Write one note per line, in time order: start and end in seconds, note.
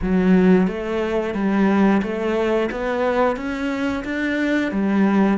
0.02 0.67 F#3
0.67 1.34 A3
1.34 2.01 G3
2.02 2.69 A3
2.71 3.36 B3
3.36 4.03 C#4
4.04 4.71 D4
4.71 5.38 G3